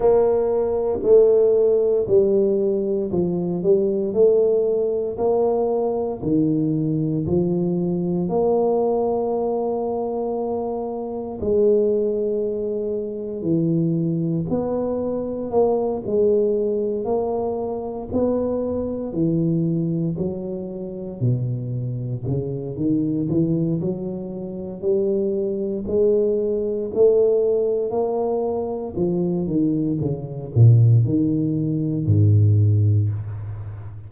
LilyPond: \new Staff \with { instrumentName = "tuba" } { \time 4/4 \tempo 4 = 58 ais4 a4 g4 f8 g8 | a4 ais4 dis4 f4 | ais2. gis4~ | gis4 e4 b4 ais8 gis8~ |
gis8 ais4 b4 e4 fis8~ | fis8 b,4 cis8 dis8 e8 fis4 | g4 gis4 a4 ais4 | f8 dis8 cis8 ais,8 dis4 gis,4 | }